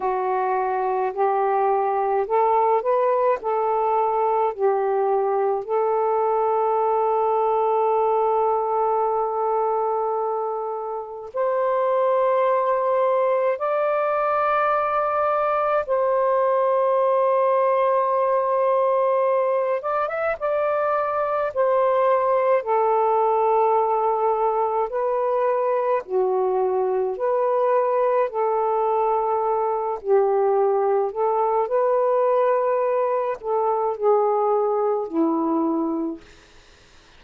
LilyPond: \new Staff \with { instrumentName = "saxophone" } { \time 4/4 \tempo 4 = 53 fis'4 g'4 a'8 b'8 a'4 | g'4 a'2.~ | a'2 c''2 | d''2 c''2~ |
c''4. d''16 e''16 d''4 c''4 | a'2 b'4 fis'4 | b'4 a'4. g'4 a'8 | b'4. a'8 gis'4 e'4 | }